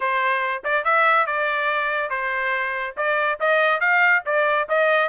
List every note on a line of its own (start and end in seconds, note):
0.00 0.62 C5
0.64 0.84 D5
0.84 1.26 E5
1.26 2.10 D5
2.10 2.94 C5
2.96 3.38 D5
3.40 3.80 D#5
3.80 4.22 F5
4.25 4.67 D5
4.68 5.09 D#5